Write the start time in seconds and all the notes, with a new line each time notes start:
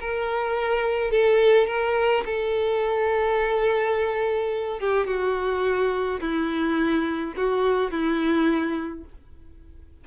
0.00 A#4
1.11 A4
1.67 A#4
2.25 A4
4.80 G4
5.07 F#4
6.20 E4
7.36 F#4
7.91 E4